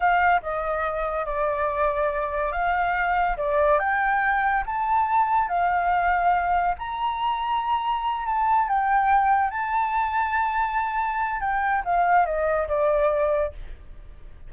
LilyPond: \new Staff \with { instrumentName = "flute" } { \time 4/4 \tempo 4 = 142 f''4 dis''2 d''4~ | d''2 f''2 | d''4 g''2 a''4~ | a''4 f''2. |
ais''2.~ ais''8 a''8~ | a''8 g''2 a''4.~ | a''2. g''4 | f''4 dis''4 d''2 | }